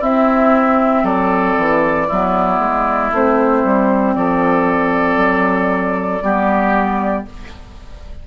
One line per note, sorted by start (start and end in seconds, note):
0.00 2.07 C4
0.00 1.03 C4
0.00 1.03 E4
0.00 1.05 E5
1.03 1.55 F#3
1.03 2.07 A4
1.03 3.12 D5
1.58 2.09 E3
2.07 2.59 F#3
2.07 3.12 B3
2.07 4.14 E4
2.59 3.10 G#3
3.12 3.63 A3
3.12 6.22 C4
3.12 4.14 C5
3.64 4.16 G3
4.14 5.17 F3
4.14 6.23 A4
4.14 7.25 D5
5.17 6.20 F#3
6.22 7.25 G3
6.22 7.25 B3
6.22 7.27 G4